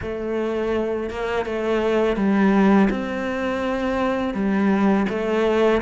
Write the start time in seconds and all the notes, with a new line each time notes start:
0.01 A3
1.10 A#3
1.45 A3
2.16 G3
2.89 C4
4.34 G3
5.09 A3